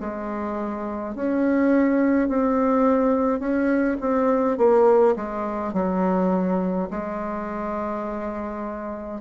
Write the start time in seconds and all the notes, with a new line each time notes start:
0.00 G#3
1.15 C#4
2.29 C4
3.40 C#4
4.00 C4
4.57 A#3
5.16 G#3
5.73 F#3
6.90 G#3